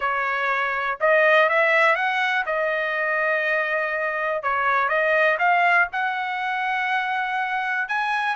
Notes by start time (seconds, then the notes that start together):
0.00 C#5
1.00 D#5
1.49 E5
1.95 F#5
2.46 D#5
4.43 C#5
4.88 D#5
5.39 F5
5.92 F#5
7.88 G#5